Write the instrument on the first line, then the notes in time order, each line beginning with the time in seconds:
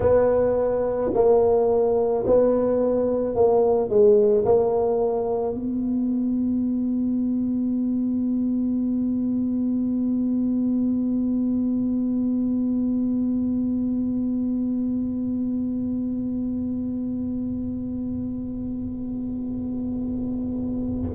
tuba
0.00 B3
1.14 A#3
2.26 B3
3.35 A#3
3.89 G#3
4.45 A#3
5.54 B3